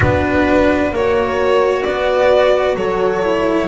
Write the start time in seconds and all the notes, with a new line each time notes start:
0.00 B3 D4 F#4 B4
0.91 A#3 F#4 A#4 C#5
1.82 B3 B4 D5
2.75 F#3 A4 C#5
3.23 E4